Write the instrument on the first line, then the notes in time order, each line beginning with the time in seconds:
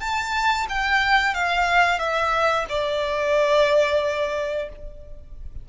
violin
0.00 A5
0.69 G5
1.34 F5
1.99 E5
2.69 D5